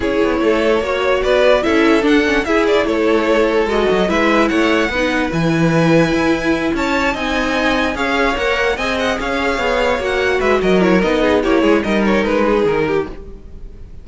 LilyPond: <<
  \new Staff \with { instrumentName = "violin" } { \time 4/4 \tempo 4 = 147 cis''2. d''4 | e''4 fis''4 e''8 d''8 cis''4~ | cis''4 dis''4 e''4 fis''4~ | fis''4 gis''2.~ |
gis''8 a''4 gis''2 f''8~ | f''8 fis''4 gis''8 fis''8 f''4.~ | f''8 fis''4 e''8 dis''8 cis''8 dis''4 | cis''4 dis''8 cis''8 b'4 ais'4 | }
  \new Staff \with { instrumentName = "violin" } { \time 4/4 gis'4 a'4 cis''4 b'4 | a'2 gis'4 a'4~ | a'2 b'4 cis''4 | b'1~ |
b'8 cis''4 dis''2 cis''8~ | cis''4. dis''4 cis''4.~ | cis''4. b'8 ais'4. gis'8 | g'8 gis'8 ais'4. gis'4 g'8 | }
  \new Staff \with { instrumentName = "viola" } { \time 4/4 e'2 fis'2 | e'4 d'8 cis'8 e'2~ | e'4 fis'4 e'2 | dis'4 e'2.~ |
e'4. dis'2 gis'8~ | gis'8 ais'4 gis'2~ gis'8~ | gis'8 fis'2 e'8 dis'4 | e'4 dis'2. | }
  \new Staff \with { instrumentName = "cello" } { \time 4/4 cis'8 b8 a4 ais4 b4 | cis'4 d'4 e'4 a4~ | a4 gis8 fis8 gis4 a4 | b4 e2 e'4~ |
e'8 cis'4 c'2 cis'8~ | cis'8 ais4 c'4 cis'4 b8~ | b8 ais4 gis8 fis4 b4 | ais8 gis8 g4 gis4 dis4 | }
>>